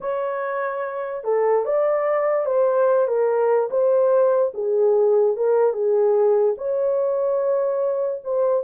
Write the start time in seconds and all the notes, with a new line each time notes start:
0.00 C#5
1.24 A4
1.65 D5
2.45 C5
3.07 A#4
3.70 C5
4.54 G#4
5.36 A#4
5.73 G#4
6.57 C#5
8.24 C5